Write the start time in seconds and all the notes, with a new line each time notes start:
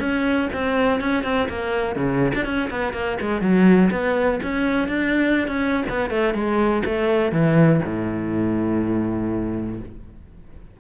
0.00 C#4
0.53 C4
1.01 C#4
1.24 C4
1.49 A#3
1.96 C#3
2.35 D4
2.45 C#4
2.71 B3
2.93 A#3
3.21 G#3
3.41 F#3
3.92 B3
4.43 C#4
4.88 D4
5.48 C#4
5.90 B3
6.10 A3
6.34 G#3
6.85 A3
7.32 E3
7.85 A2